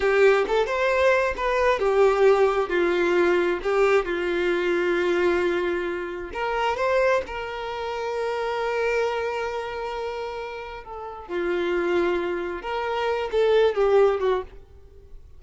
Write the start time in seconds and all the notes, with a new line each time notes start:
0.00 G4
0.47 A4
0.66 C5
1.36 B4
1.79 G4
2.69 F4
3.63 G4
4.05 F4
6.33 A#4
6.76 C5
7.27 A#4
10.84 A4
11.28 F4
12.62 A#4
13.31 A4
13.74 G4
14.20 F#4